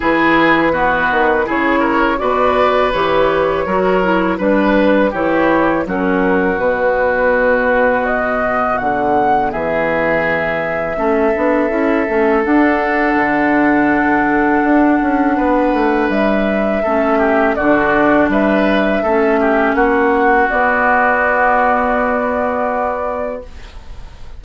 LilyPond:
<<
  \new Staff \with { instrumentName = "flute" } { \time 4/4 \tempo 4 = 82 b'2 cis''4 d''4 | cis''2 b'4 cis''4 | ais'4 b'2 dis''4 | fis''4 e''2.~ |
e''4 fis''2.~ | fis''2 e''2 | d''4 e''2 fis''4 | d''1 | }
  \new Staff \with { instrumentName = "oboe" } { \time 4/4 gis'4 fis'4 gis'8 ais'8 b'4~ | b'4 ais'4 b'4 g'4 | fis'1~ | fis'4 gis'2 a'4~ |
a'1~ | a'4 b'2 a'8 g'8 | fis'4 b'4 a'8 g'8 fis'4~ | fis'1 | }
  \new Staff \with { instrumentName = "clarinet" } { \time 4/4 e'4 b4 e'4 fis'4 | g'4 fis'8 e'8 d'4 e'4 | cis'4 b2.~ | b2. cis'8 d'8 |
e'8 cis'8 d'2.~ | d'2. cis'4 | d'2 cis'2 | b1 | }
  \new Staff \with { instrumentName = "bassoon" } { \time 4/4 e4. dis8 cis4 b,4 | e4 fis4 g4 e4 | fis4 b,2. | d4 e2 a8 b8 |
cis'8 a8 d'4 d2 | d'8 cis'8 b8 a8 g4 a4 | d4 g4 a4 ais4 | b1 | }
>>